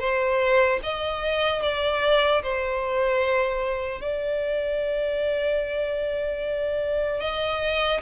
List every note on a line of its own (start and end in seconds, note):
0.00 0.80 C5
0.84 1.63 D#5
1.63 2.43 D5
2.43 4.01 C5
4.01 7.21 D5
7.21 8.01 D#5